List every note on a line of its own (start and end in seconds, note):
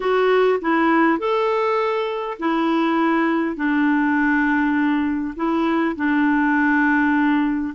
0.00 0.59 F#4
0.61 1.19 E4
1.19 2.37 A4
2.39 3.56 E4
3.56 5.34 D4
5.36 5.95 E4
5.95 7.74 D4